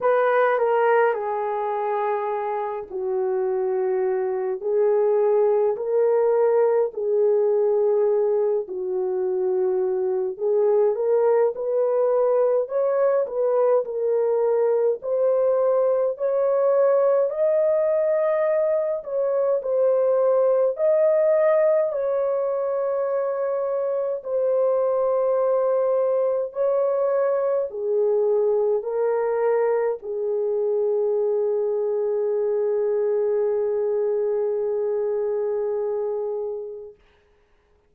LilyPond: \new Staff \with { instrumentName = "horn" } { \time 4/4 \tempo 4 = 52 b'8 ais'8 gis'4. fis'4. | gis'4 ais'4 gis'4. fis'8~ | fis'4 gis'8 ais'8 b'4 cis''8 b'8 | ais'4 c''4 cis''4 dis''4~ |
dis''8 cis''8 c''4 dis''4 cis''4~ | cis''4 c''2 cis''4 | gis'4 ais'4 gis'2~ | gis'1 | }